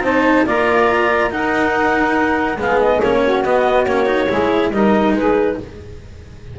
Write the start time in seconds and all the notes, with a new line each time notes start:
0.00 C4 D#4 C5 A5
0.46 A#3 F4 D5 A#5
1.30 D#4 A#4 F#5
2.57 G#3 B3 G#4 F5
2.79 D#5
3.00 A#3 C#4 C#5
3.23 F#4
3.43 B3 D#5
3.85 A#3 C#4 C#5
4.06 D#4
4.29 G#3 E4 G#4
4.71 G3 D#4 A#4 D#5
5.12 G#3 G#4 B4